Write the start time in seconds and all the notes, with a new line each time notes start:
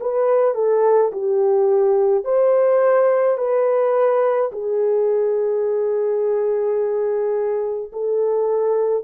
0.00 B4
0.55 A4
1.12 G4
2.24 C5
3.38 B4
4.52 G#4
7.92 A4